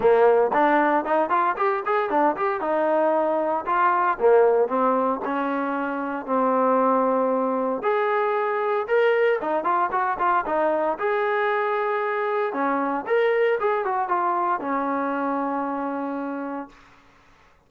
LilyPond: \new Staff \with { instrumentName = "trombone" } { \time 4/4 \tempo 4 = 115 ais4 d'4 dis'8 f'8 g'8 gis'8 | d'8 g'8 dis'2 f'4 | ais4 c'4 cis'2 | c'2. gis'4~ |
gis'4 ais'4 dis'8 f'8 fis'8 f'8 | dis'4 gis'2. | cis'4 ais'4 gis'8 fis'8 f'4 | cis'1 | }